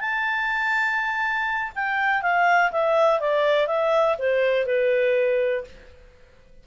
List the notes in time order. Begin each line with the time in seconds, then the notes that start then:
0.00 A5
1.75 G5
2.22 F5
2.72 E5
3.20 D5
3.68 E5
4.18 C5
4.66 B4